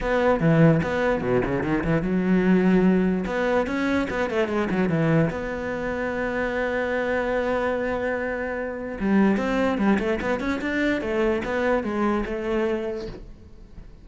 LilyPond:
\new Staff \with { instrumentName = "cello" } { \time 4/4 \tempo 4 = 147 b4 e4 b4 b,8 cis8 | dis8 e8 fis2. | b4 cis'4 b8 a8 gis8 fis8 | e4 b2.~ |
b1~ | b2 g4 c'4 | g8 a8 b8 cis'8 d'4 a4 | b4 gis4 a2 | }